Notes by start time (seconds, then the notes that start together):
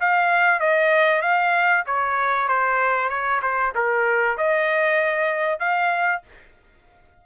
0.00 F5
0.59 D#5
1.21 F5
1.86 C#5
2.48 C5
3.09 C#5
3.42 C5
3.75 A#4
4.37 D#5
5.59 F5